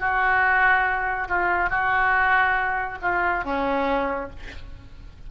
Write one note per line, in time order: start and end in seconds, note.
0.00 1.29 F#4
1.29 1.70 F4
1.70 2.99 F#4
3.02 3.45 F4
3.45 4.31 C#4